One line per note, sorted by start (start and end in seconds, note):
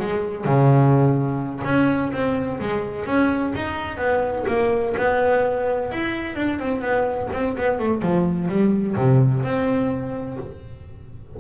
0.00 0.45 G#3
0.45 1.63 C#3
1.65 2.12 C#4
2.13 2.60 C4
2.60 3.06 G#3
3.06 3.53 C#4
3.55 3.98 D#4
3.98 4.45 B3
4.48 4.95 A#3
4.98 5.92 B3
5.92 6.36 E4
6.36 6.59 D4
6.59 6.81 C4
6.81 7.29 B3
7.33 7.57 C4
7.57 7.79 B3
7.79 8.02 A3
8.02 8.49 F3
8.49 8.96 G3
8.96 9.43 C3
9.44 10.38 C4